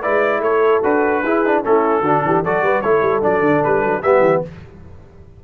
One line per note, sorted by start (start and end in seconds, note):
0.00 0.40 G#3
0.00 0.83 E4
0.00 0.40 B4
0.00 0.42 D5
0.40 0.80 A3
0.40 1.24 A4
0.40 0.82 C#5
0.83 1.23 D4
0.83 1.23 F#4
0.83 1.64 B4
1.23 1.63 E4
1.23 1.45 E4
1.23 1.64 G#4
1.45 1.64 D4
1.64 2.01 A3
1.64 2.04 C#4
1.64 2.02 E4
1.64 2.44 A4
2.01 2.21 D3
2.01 2.44 D4
2.01 2.22 F#4
2.24 2.44 E3
2.24 2.44 G4
2.44 2.61 F#3
2.44 2.83 F#4
2.44 2.63 A4
2.44 2.81 D5
2.61 2.81 G3
2.61 2.82 B4
2.81 3.01 A3
2.81 3.22 E4
2.81 4.02 A4
2.81 3.21 C#5
3.01 3.21 G3
3.22 3.39 F#3
3.22 4.02 D4
3.22 3.63 D5
3.39 3.59 D3
3.63 3.84 G3
3.63 4.02 B4
3.84 4.03 F#3
4.02 4.20 G3
4.02 4.44 B3
4.02 4.43 G4
4.02 4.42 E5
4.20 4.40 E3